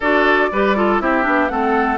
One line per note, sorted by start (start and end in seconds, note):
0.00 0.51 D4
0.00 0.51 F#4
0.00 0.50 A4
0.00 1.00 D5
0.52 1.00 G3
0.52 0.75 G4
0.52 0.76 B4
0.75 1.00 F4
0.75 1.01 A4
1.00 1.25 C4
1.00 1.23 E4
1.00 1.51 G4
1.00 1.48 E5
1.23 1.50 B3
1.23 1.48 D4
1.48 1.97 A3
1.48 1.97 C4
1.48 1.97 A4
1.48 1.97 F#5